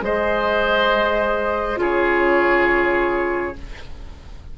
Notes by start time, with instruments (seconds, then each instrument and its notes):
0.00 bassoon G#3, clarinet G#4, oboe C5, flute D#5
1.76 bassoon C#3, clarinet F4, oboe G#4, flute C#5